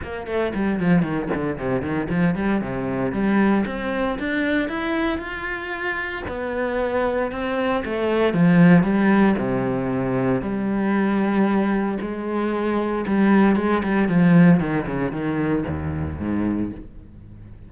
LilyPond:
\new Staff \with { instrumentName = "cello" } { \time 4/4 \tempo 4 = 115 ais8 a8 g8 f8 dis8 d8 c8 dis8 | f8 g8 c4 g4 c'4 | d'4 e'4 f'2 | b2 c'4 a4 |
f4 g4 c2 | g2. gis4~ | gis4 g4 gis8 g8 f4 | dis8 cis8 dis4 dis,4 gis,4 | }